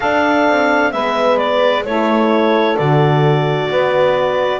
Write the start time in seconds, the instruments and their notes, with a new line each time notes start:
0.00 double bass D4, horn D4, saxophone A4, clarinet F5
0.48 double bass C4
0.92 double bass G#3, horn B3, saxophone B4, clarinet E5
1.37 clarinet D5
1.84 double bass A3, horn E4, saxophone A4, clarinet C#5
2.76 double bass D3, horn F#4, clarinet D5
3.70 double bass B3, saxophone B4